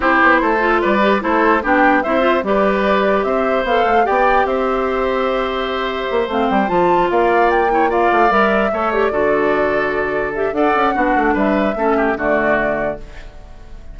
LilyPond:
<<
  \new Staff \with { instrumentName = "flute" } { \time 4/4 \tempo 4 = 148 c''2 d''4 c''4 | g''4 e''4 d''2 | e''4 f''4 g''4 e''4~ | e''2.~ e''8 f''8 |
g''8 a''4 f''4 g''4 f''8~ | f''8 e''4. d''2~ | d''4. e''8 fis''2 | e''2 d''2 | }
  \new Staff \with { instrumentName = "oboe" } { \time 4/4 g'4 a'4 b'4 a'4 | g'4 c''4 b'2 | c''2 d''4 c''4~ | c''1~ |
c''4. d''4. cis''8 d''8~ | d''4. cis''4 a'4.~ | a'2 d''4 fis'4 | b'4 a'8 g'8 fis'2 | }
  \new Staff \with { instrumentName = "clarinet" } { \time 4/4 e'4. f'4 g'8 e'4 | d'4 e'8 f'8 g'2~ | g'4 a'4 g'2~ | g'2.~ g'8 c'8~ |
c'8 f'2~ f'8 e'8 f'8~ | f'8 ais'4 a'8 g'8 fis'4.~ | fis'4. g'8 a'4 d'4~ | d'4 cis'4 a2 | }
  \new Staff \with { instrumentName = "bassoon" } { \time 4/4 c'8 b8 a4 g4 a4 | b4 c'4 g2 | c'4 b8 a8 b4 c'4~ | c'2. ais8 a8 |
g8 f4 ais2~ ais8 | a8 g4 a4 d4.~ | d2 d'8 cis'8 b8 a8 | g4 a4 d2 | }
>>